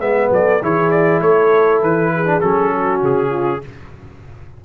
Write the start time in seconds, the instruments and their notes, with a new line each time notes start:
0.00 tuba G#3, trombone B3, horn B4, trumpet E5
0.31 tuba F#3, horn A4, trumpet D5
0.62 tuba E3, trombone E4, horn G#4, trumpet C#5
0.91 trumpet D5
1.21 tuba A3, horn A4, trumpet C#5
1.81 tuba E3, trumpet B4
2.15 horn G#4
2.26 trombone D4
2.41 tuba F#3, trombone C#4, trumpet A4
2.74 horn F#4
3.02 tuba C#3, trumpet G#4
3.30 horn F4